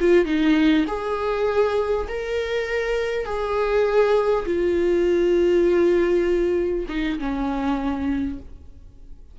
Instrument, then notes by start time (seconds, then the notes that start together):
viola
0.00 F4
0.25 D#4
0.87 G#4
2.08 A#4
3.25 G#4
4.46 F4
6.89 D#4
7.19 C#4